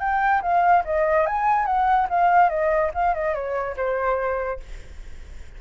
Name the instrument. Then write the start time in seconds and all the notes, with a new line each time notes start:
flute
0.00 G5
0.42 F5
0.85 D#5
1.27 G#5
1.66 F#5
2.10 F5
2.50 D#5
2.95 F5
3.14 D#5
3.34 C#5
3.77 C5